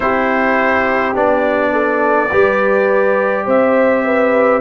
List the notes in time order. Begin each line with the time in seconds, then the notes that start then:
0.00 C4 E4 G4 C5
1.14 B3 D4 D5
1.72 A4
2.30 G3 G4 B4
3.45 C4 C5 E5
4.05 B4